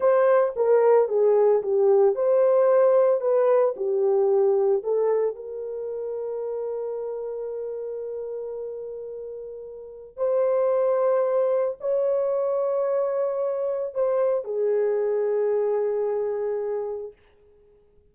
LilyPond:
\new Staff \with { instrumentName = "horn" } { \time 4/4 \tempo 4 = 112 c''4 ais'4 gis'4 g'4 | c''2 b'4 g'4~ | g'4 a'4 ais'2~ | ais'1~ |
ais'2. c''4~ | c''2 cis''2~ | cis''2 c''4 gis'4~ | gis'1 | }